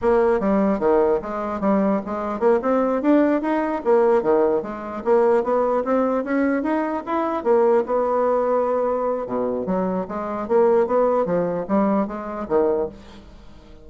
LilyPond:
\new Staff \with { instrumentName = "bassoon" } { \time 4/4 \tempo 4 = 149 ais4 g4 dis4 gis4 | g4 gis4 ais8 c'4 d'8~ | d'8 dis'4 ais4 dis4 gis8~ | gis8 ais4 b4 c'4 cis'8~ |
cis'8 dis'4 e'4 ais4 b8~ | b2. b,4 | fis4 gis4 ais4 b4 | f4 g4 gis4 dis4 | }